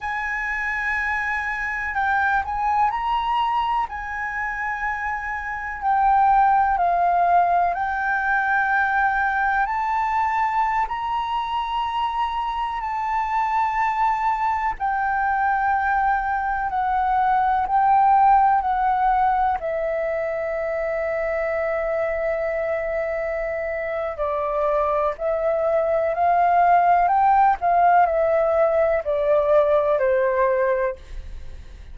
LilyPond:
\new Staff \with { instrumentName = "flute" } { \time 4/4 \tempo 4 = 62 gis''2 g''8 gis''8 ais''4 | gis''2 g''4 f''4 | g''2 a''4~ a''16 ais''8.~ | ais''4~ ais''16 a''2 g''8.~ |
g''4~ g''16 fis''4 g''4 fis''8.~ | fis''16 e''2.~ e''8.~ | e''4 d''4 e''4 f''4 | g''8 f''8 e''4 d''4 c''4 | }